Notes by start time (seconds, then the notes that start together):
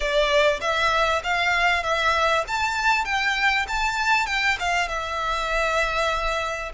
0.00 D5
0.60 E5
1.23 F5
1.83 E5
2.47 A5
3.04 G5
3.68 A5
4.26 G5
4.59 F5
4.88 E5